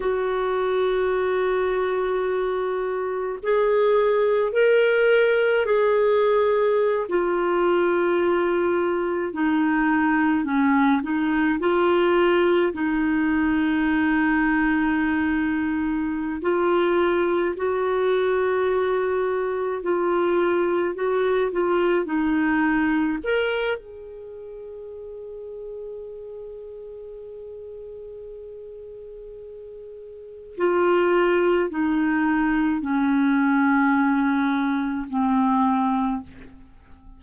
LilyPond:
\new Staff \with { instrumentName = "clarinet" } { \time 4/4 \tempo 4 = 53 fis'2. gis'4 | ais'4 gis'4~ gis'16 f'4.~ f'16~ | f'16 dis'4 cis'8 dis'8 f'4 dis'8.~ | dis'2~ dis'8 f'4 fis'8~ |
fis'4. f'4 fis'8 f'8 dis'8~ | dis'8 ais'8 gis'2.~ | gis'2. f'4 | dis'4 cis'2 c'4 | }